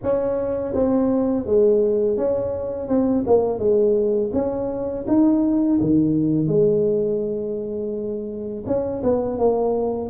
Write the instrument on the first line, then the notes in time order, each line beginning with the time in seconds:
tuba
0.02 C#4
0.74 C4
1.46 G#3
2.17 C#4
2.88 C4
3.26 A#3
3.58 G#3
4.33 C#4
5.07 D#4
5.81 D#3
6.47 G#3
8.66 C#4
9.03 B3
9.38 A#3